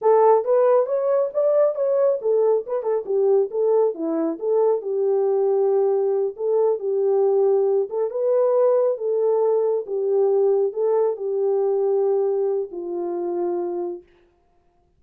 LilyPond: \new Staff \with { instrumentName = "horn" } { \time 4/4 \tempo 4 = 137 a'4 b'4 cis''4 d''4 | cis''4 a'4 b'8 a'8 g'4 | a'4 e'4 a'4 g'4~ | g'2~ g'8 a'4 g'8~ |
g'2 a'8 b'4.~ | b'8 a'2 g'4.~ | g'8 a'4 g'2~ g'8~ | g'4 f'2. | }